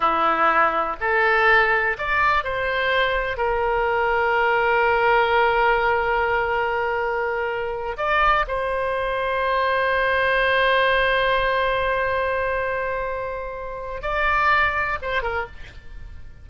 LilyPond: \new Staff \with { instrumentName = "oboe" } { \time 4/4 \tempo 4 = 124 e'2 a'2 | d''4 c''2 ais'4~ | ais'1~ | ais'1~ |
ais'8 d''4 c''2~ c''8~ | c''1~ | c''1~ | c''4 d''2 c''8 ais'8 | }